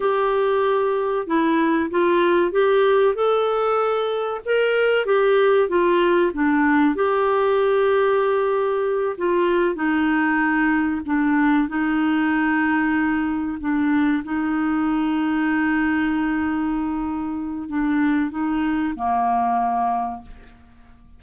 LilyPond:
\new Staff \with { instrumentName = "clarinet" } { \time 4/4 \tempo 4 = 95 g'2 e'4 f'4 | g'4 a'2 ais'4 | g'4 f'4 d'4 g'4~ | g'2~ g'8 f'4 dis'8~ |
dis'4. d'4 dis'4.~ | dis'4. d'4 dis'4.~ | dis'1 | d'4 dis'4 ais2 | }